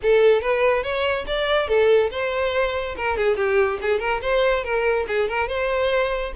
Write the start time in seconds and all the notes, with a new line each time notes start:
0.02 A4
0.41 B4
0.83 C#5
1.27 D5
1.67 A4
2.10 C5
2.97 A#4
3.17 G#4
3.36 G4
3.81 G#4
3.99 A#4
4.21 C5
4.63 A#4
5.07 G#4
5.29 A#4
5.48 C5